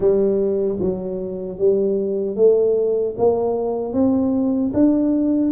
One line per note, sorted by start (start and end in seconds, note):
0.00 0.78 G3
0.79 1.58 F#3
1.58 2.36 G3
2.36 3.15 A3
3.17 3.93 A#3
3.93 4.72 C4
4.73 5.51 D4